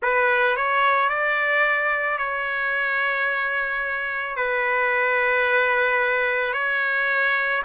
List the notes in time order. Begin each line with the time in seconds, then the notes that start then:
0.02 B4
0.56 C#5
1.09 D5
2.18 C#5
4.36 B4
6.53 C#5